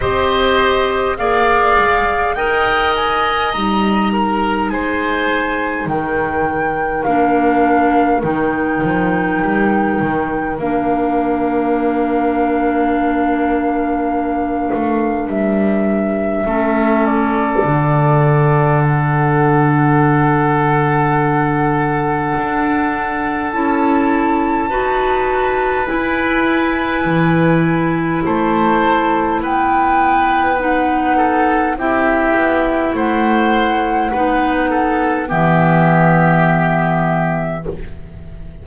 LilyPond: <<
  \new Staff \with { instrumentName = "flute" } { \time 4/4 \tempo 4 = 51 dis''4 f''4 g''8 gis''8 ais''4 | gis''4 g''4 f''4 g''4~ | g''4 f''2.~ | f''4 e''4. d''4. |
fis''1 | a''2 gis''2 | a''4 g''4 fis''4 e''4 | fis''2 e''2 | }
  \new Staff \with { instrumentName = "oboe" } { \time 4/4 c''4 d''4 dis''4. ais'8 | c''4 ais'2.~ | ais'1~ | ais'2 a'2~ |
a'1~ | a'4 b'2. | c''4 b'4. a'8 g'4 | c''4 b'8 a'8 g'2 | }
  \new Staff \with { instrumentName = "clarinet" } { \time 4/4 g'4 gis'4 ais'4 dis'4~ | dis'2 d'4 dis'4~ | dis'4 d'2.~ | d'2 cis'4 d'4~ |
d'1 | e'4 fis'4 e'2~ | e'2 dis'4 e'4~ | e'4 dis'4 b2 | }
  \new Staff \with { instrumentName = "double bass" } { \time 4/4 c'4 ais8 gis8 dis'4 g4 | gis4 dis4 ais4 dis8 f8 | g8 dis8 ais2.~ | ais8 a8 g4 a4 d4~ |
d2. d'4 | cis'4 dis'4 e'4 e4 | a4 b2 c'8 b8 | a4 b4 e2 | }
>>